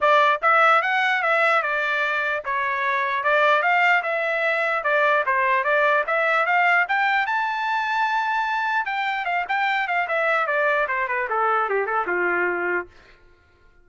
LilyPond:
\new Staff \with { instrumentName = "trumpet" } { \time 4/4 \tempo 4 = 149 d''4 e''4 fis''4 e''4 | d''2 cis''2 | d''4 f''4 e''2 | d''4 c''4 d''4 e''4 |
f''4 g''4 a''2~ | a''2 g''4 f''8 g''8~ | g''8 f''8 e''4 d''4 c''8 b'8 | a'4 g'8 a'8 f'2 | }